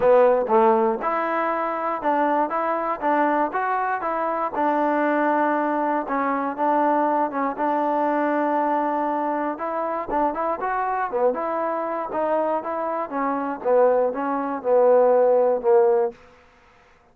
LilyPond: \new Staff \with { instrumentName = "trombone" } { \time 4/4 \tempo 4 = 119 b4 a4 e'2 | d'4 e'4 d'4 fis'4 | e'4 d'2. | cis'4 d'4. cis'8 d'4~ |
d'2. e'4 | d'8 e'8 fis'4 b8 e'4. | dis'4 e'4 cis'4 b4 | cis'4 b2 ais4 | }